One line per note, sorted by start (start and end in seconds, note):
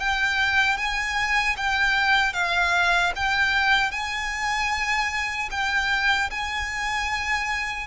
0.00 0.78 G5
0.78 1.56 G#5
1.57 2.34 G5
2.34 3.13 F5
3.16 3.92 G5
3.92 5.49 G#5
5.51 6.30 G5
6.31 7.87 G#5